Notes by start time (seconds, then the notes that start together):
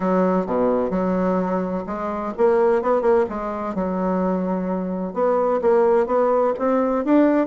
0.00 F#3
0.46 B2
0.90 F#3
1.86 G#3
2.37 A#3
2.82 B3
3.01 A#3
3.29 G#3
3.74 F#3
5.13 B3
5.61 A#3
6.06 B3
6.58 C4
7.04 D4